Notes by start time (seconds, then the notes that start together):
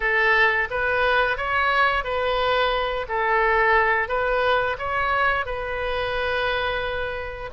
0.00 A4
0.70 B4
1.37 C#5
2.04 B4
3.08 A4
4.08 B4
4.78 C#5
5.45 B4